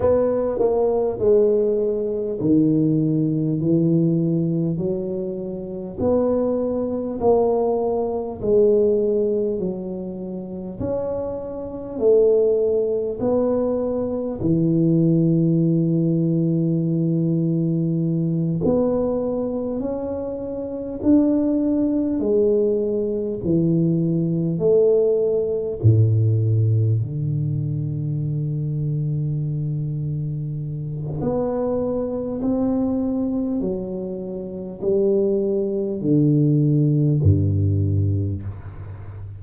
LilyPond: \new Staff \with { instrumentName = "tuba" } { \time 4/4 \tempo 4 = 50 b8 ais8 gis4 dis4 e4 | fis4 b4 ais4 gis4 | fis4 cis'4 a4 b4 | e2.~ e8 b8~ |
b8 cis'4 d'4 gis4 e8~ | e8 a4 a,4 d4.~ | d2 b4 c'4 | fis4 g4 d4 g,4 | }